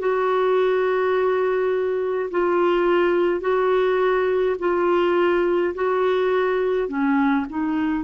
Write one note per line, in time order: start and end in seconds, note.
0.00 2.31 F#4
2.31 3.41 F4
3.41 4.57 F#4
4.59 5.75 F4
5.75 6.89 F#4
6.89 7.46 C#4
7.50 8.05 D#4